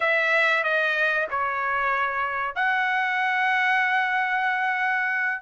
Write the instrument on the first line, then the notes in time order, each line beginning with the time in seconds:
trumpet
0.00 E5
0.63 D#5
1.30 C#5
2.55 F#5